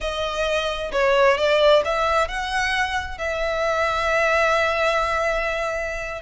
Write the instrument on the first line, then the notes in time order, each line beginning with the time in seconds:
violin
0.00 D#5
0.92 C#5
1.37 D5
1.85 E5
2.27 F#5
3.18 E5